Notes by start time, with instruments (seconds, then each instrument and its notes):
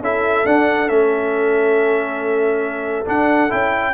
0.00 tuba C#4, trombone E4, horn A4, trumpet E5
0.45 tuba D4, trombone D4, trumpet F#5
0.87 tuba A3, trombone C#4, trumpet E5
3.06 trombone D4, tuba D4, trumpet F#5
3.49 tuba C#4, trombone E4, trumpet G5